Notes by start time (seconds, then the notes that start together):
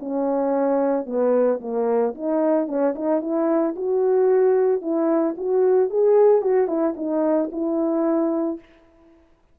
0.00 C#4
1.06 B3
1.61 A#3
2.15 D#4
2.68 C#4
2.95 D#4
3.21 E4
3.76 F#4
4.82 E4
5.37 F#4
5.90 G#4
6.42 F#4
6.68 E4
6.97 D#4
7.52 E4